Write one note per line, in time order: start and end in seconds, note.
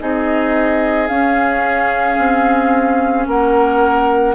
0.00 1.10 C4
0.00 1.10 D#4
0.00 3.28 G#4
0.00 1.08 D#5
1.08 4.35 C#4
1.08 2.18 C#4
1.08 3.26 F5
2.18 3.27 C4
3.27 4.35 A#3
3.27 4.35 A#4
3.27 4.35 F#5